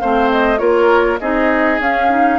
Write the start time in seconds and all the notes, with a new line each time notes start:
0.00 A3 C4 C5 F5
0.31 D#5
0.58 A#3 F4 A#4 C#5
1.20 C4 D#4 G#4 D#5
1.79 C#4 F5
2.10 D#4